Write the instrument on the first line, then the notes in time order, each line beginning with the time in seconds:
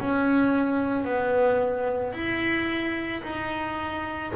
double bass
0.00 C#4
1.05 B3
2.14 E4
3.23 D#4